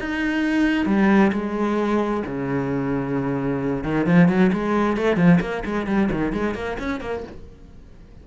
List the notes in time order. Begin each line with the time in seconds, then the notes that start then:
0.00 D#4
0.86 G3
1.33 G#3
2.27 C#3
3.84 D#3
4.06 F3
4.29 F#3
4.53 G#3
4.98 A3
5.17 F3
5.41 A#3
5.66 G#3
5.87 G3
6.12 D#3
6.33 G#3
6.55 A#3
6.80 C#4
7.01 A#3